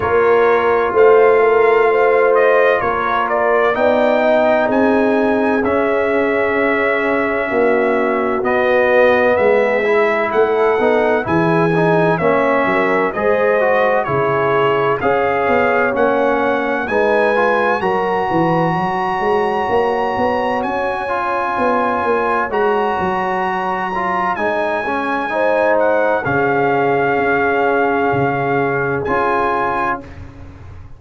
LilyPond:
<<
  \new Staff \with { instrumentName = "trumpet" } { \time 4/4 \tempo 4 = 64 cis''4 f''4. dis''8 cis''8 d''8 | g''4 gis''4 e''2~ | e''4 dis''4 e''4 fis''4 | gis''4 e''4 dis''4 cis''4 |
f''4 fis''4 gis''4 ais''4~ | ais''2 gis''2 | ais''2 gis''4. fis''8 | f''2. gis''4 | }
  \new Staff \with { instrumentName = "horn" } { \time 4/4 ais'4 c''8 ais'8 c''4 ais'4 | d''8 dis''8 gis'2. | fis'2 gis'4 a'4 | gis'4 cis''8 ais'8 c''4 gis'4 |
cis''2 b'4 ais'8 b'8 | cis''1~ | cis''2. c''4 | gis'1 | }
  \new Staff \with { instrumentName = "trombone" } { \time 4/4 f'1 | dis'2 cis'2~ | cis'4 b4. e'4 dis'8 | e'8 dis'8 cis'4 gis'8 fis'8 e'4 |
gis'4 cis'4 dis'8 f'8 fis'4~ | fis'2~ fis'8 f'4. | fis'4. f'8 dis'8 cis'8 dis'4 | cis'2. f'4 | }
  \new Staff \with { instrumentName = "tuba" } { \time 4/4 ais4 a2 ais4 | b4 c'4 cis'2 | ais4 b4 gis4 a8 b8 | e4 ais8 fis8 gis4 cis4 |
cis'8 b8 ais4 gis4 fis8 e8 | fis8 gis8 ais8 b8 cis'4 b8 ais8 | gis8 fis4. gis2 | cis4 cis'4 cis4 cis'4 | }
>>